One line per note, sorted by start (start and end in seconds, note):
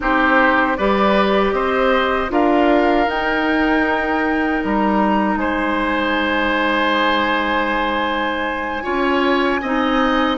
0.00 0.77 C4
0.00 0.77 D#4
0.00 0.77 G4
0.00 0.76 C5
0.76 1.52 G3
0.76 2.28 G4
0.76 1.54 B4
0.76 1.53 D5
1.52 2.29 C4
1.52 2.31 C5
1.52 2.30 D#5
2.28 3.07 D4
2.28 3.05 F4
2.28 5.39 A#4
2.28 3.09 F5
3.07 4.61 D#4
3.07 8.83 D#4
3.07 4.63 G5
4.63 5.35 G3
4.63 5.37 A#5
5.35 8.82 G#3
5.35 8.83 C5
5.35 10.37 G#5
8.83 9.62 C#4
8.83 9.60 F4
8.83 9.60 C#5
9.62 10.37 C4
9.62 10.37 D#4
9.62 10.37 D#5